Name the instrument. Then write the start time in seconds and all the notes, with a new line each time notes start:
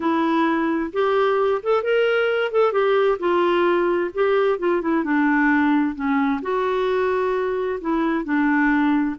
clarinet
0.00 E4
0.92 G4
1.62 A4
1.83 A#4
2.51 A4
2.72 G4
3.19 F4
4.13 G4
4.58 F4
4.81 E4
5.04 D4
5.95 C#4
6.42 F#4
7.80 E4
8.24 D4